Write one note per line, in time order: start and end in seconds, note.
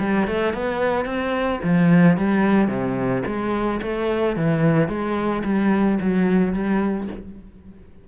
0.00 0.27 G3
0.28 0.54 A3
0.54 1.06 B3
1.06 1.60 C4
1.63 2.17 F3
2.17 2.69 G3
2.69 3.23 C3
3.26 3.81 G#3
3.82 4.37 A3
4.37 4.89 E3
4.89 5.43 G#3
5.44 5.99 G3
6.00 6.53 F#3
6.53 7.08 G3